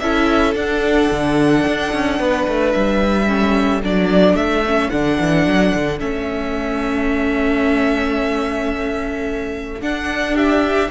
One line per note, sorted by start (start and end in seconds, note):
0.00 0.55 C#4
0.00 0.56 E4
0.00 2.19 A4
0.00 0.55 E5
0.55 1.10 D4
0.55 3.28 D4
0.55 2.72 F#5
1.11 1.66 D3
1.67 1.94 D4
1.94 2.20 C#4
2.19 2.47 B3
2.19 3.28 B4
2.48 2.75 A3
2.72 3.84 G3
2.72 3.81 E5
3.28 3.82 C#4
3.28 10.35 A4
3.84 4.34 F#3
3.84 4.66 D4
3.84 4.36 D5
4.34 4.89 A3
4.34 4.90 E5
4.67 4.92 C#4
4.90 5.19 D3
4.90 5.99 D4
4.90 5.99 F#5
5.20 5.47 E3
5.47 5.74 F#3
5.75 6.01 D3
5.99 9.82 A3
5.99 9.81 C#4
5.99 9.82 E5
9.82 10.91 D4
9.82 10.37 F#5
10.35 10.90 G4
10.35 10.91 E5